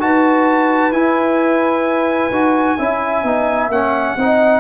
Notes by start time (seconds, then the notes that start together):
0.00 D#4 F#4 B4 A5
0.92 E4 G#5
2.31 D#4 F#4
2.78 C#4 E4 E5
3.23 B3 D#4
3.69 A#3 C#4 F#5
4.17 C4 D#4 D#5